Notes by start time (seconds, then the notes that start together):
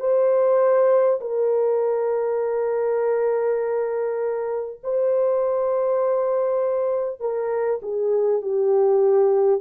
0.00 C5
1.21 A#4
4.84 C5
7.21 A#4
7.82 G#4
8.42 G4